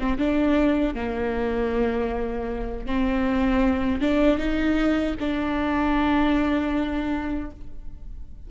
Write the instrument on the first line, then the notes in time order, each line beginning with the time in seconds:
viola
0.00 C4
0.19 D4
0.95 A#3
2.86 C4
4.01 D4
4.38 D#4
5.20 D4